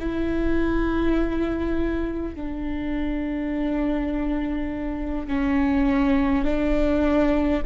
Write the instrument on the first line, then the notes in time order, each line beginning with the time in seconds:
viola
0.00 E4
2.35 D4
5.28 C#4
6.45 D4